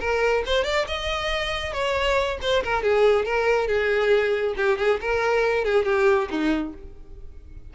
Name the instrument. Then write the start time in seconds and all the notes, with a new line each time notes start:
violin
0.00 A#4
0.46 C5
0.64 D5
0.87 D#5
1.73 C#5
2.42 C5
2.63 A#4
2.83 G#4
3.25 A#4
3.67 G#4
4.57 G4
4.78 G#4
5.01 A#4
5.64 G#4
5.85 G4
6.30 D#4